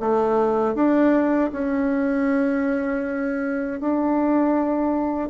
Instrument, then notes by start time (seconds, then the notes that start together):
bassoon
0.00 A3
0.75 D4
1.53 C#4
3.80 D4